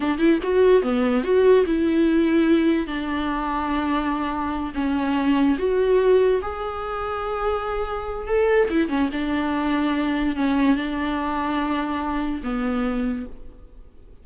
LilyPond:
\new Staff \with { instrumentName = "viola" } { \time 4/4 \tempo 4 = 145 d'8 e'8 fis'4 b4 fis'4 | e'2. d'4~ | d'2.~ d'8 cis'8~ | cis'4. fis'2 gis'8~ |
gis'1 | a'4 e'8 cis'8 d'2~ | d'4 cis'4 d'2~ | d'2 b2 | }